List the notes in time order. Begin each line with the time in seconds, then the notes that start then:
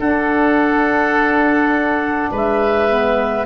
0.00 D4 A4 F#5
2.32 G#3 B4 E5
2.89 B3